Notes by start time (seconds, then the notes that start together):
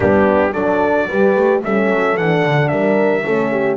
0.00 G3 B3 D4 G4
0.52 F#3 D4 A4 D5
1.08 G3 G4 B4
1.35 A3
1.64 G3 C#4 A4 E5
1.89 F#3
2.16 E3 D4 F#5
2.44 D3
2.68 G3 A#4 E5
3.23 A3 C#4 A4
3.50 G4